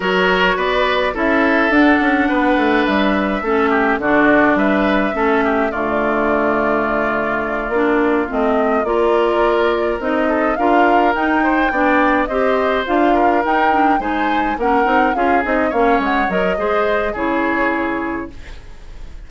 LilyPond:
<<
  \new Staff \with { instrumentName = "flute" } { \time 4/4 \tempo 4 = 105 cis''4 d''4 e''4 fis''4~ | fis''4 e''2 d''4 | e''2 d''2~ | d''2~ d''8 dis''4 d''8~ |
d''4. dis''4 f''4 g''8~ | g''4. dis''4 f''4 g''8~ | g''8 gis''4 fis''4 f''8 dis''8 f''8 | fis''8 dis''4. cis''2 | }
  \new Staff \with { instrumentName = "oboe" } { \time 4/4 ais'4 b'4 a'2 | b'2 a'8 g'8 fis'4 | b'4 a'8 g'8 f'2~ | f'2.~ f'8 ais'8~ |
ais'2 a'8 ais'4. | c''8 d''4 c''4. ais'4~ | ais'8 c''4 ais'4 gis'4 cis''8~ | cis''4 c''4 gis'2 | }
  \new Staff \with { instrumentName = "clarinet" } { \time 4/4 fis'2 e'4 d'4~ | d'2 cis'4 d'4~ | d'4 cis'4 a2~ | a4. d'4 c'4 f'8~ |
f'4. dis'4 f'4 dis'8~ | dis'8 d'4 g'4 f'4 dis'8 | d'8 dis'4 cis'8 dis'8 f'8 dis'8 cis'8~ | cis'8 ais'8 gis'4 e'2 | }
  \new Staff \with { instrumentName = "bassoon" } { \time 4/4 fis4 b4 cis'4 d'8 cis'8 | b8 a8 g4 a4 d4 | g4 a4 d2~ | d4. ais4 a4 ais8~ |
ais4. c'4 d'4 dis'8~ | dis'8 b4 c'4 d'4 dis'8~ | dis'8 gis4 ais8 c'8 cis'8 c'8 ais8 | gis8 fis8 gis4 cis2 | }
>>